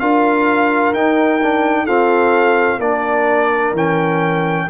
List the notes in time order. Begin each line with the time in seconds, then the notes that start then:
0.00 D4 F4 A#4 F5
0.94 D#4 G5
1.43 D4
1.85 C4 F4 A4 F5
2.79 A#3 D4 A#4 D5
3.73 E3 C#4 G5